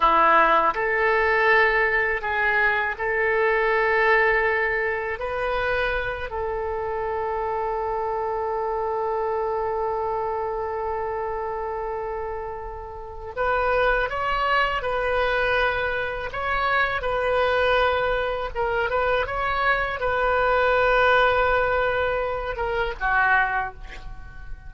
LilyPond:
\new Staff \with { instrumentName = "oboe" } { \time 4/4 \tempo 4 = 81 e'4 a'2 gis'4 | a'2. b'4~ | b'8 a'2.~ a'8~ | a'1~ |
a'2 b'4 cis''4 | b'2 cis''4 b'4~ | b'4 ais'8 b'8 cis''4 b'4~ | b'2~ b'8 ais'8 fis'4 | }